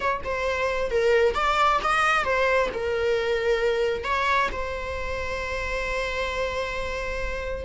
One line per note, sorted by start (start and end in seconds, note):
0.00 0.21 C#5
0.24 0.90 C5
0.90 1.34 A#4
1.34 1.79 D5
1.83 2.24 D#5
2.24 2.69 C5
2.73 4.04 A#4
4.04 4.49 C#5
4.52 7.65 C5